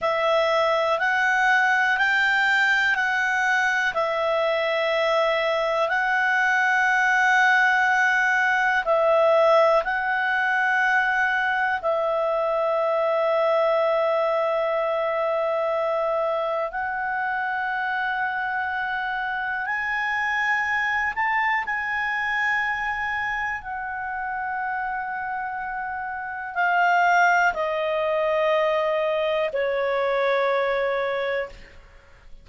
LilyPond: \new Staff \with { instrumentName = "clarinet" } { \time 4/4 \tempo 4 = 61 e''4 fis''4 g''4 fis''4 | e''2 fis''2~ | fis''4 e''4 fis''2 | e''1~ |
e''4 fis''2. | gis''4. a''8 gis''2 | fis''2. f''4 | dis''2 cis''2 | }